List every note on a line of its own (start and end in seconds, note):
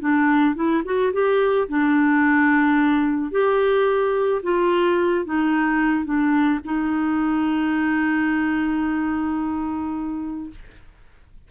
0.00 0.55 D4
0.55 0.83 E4
0.85 1.12 F#4
1.13 1.68 G4
1.68 3.31 D4
3.31 4.41 G4
4.43 5.25 F4
5.25 6.05 D#4
6.05 6.60 D4
6.65 10.50 D#4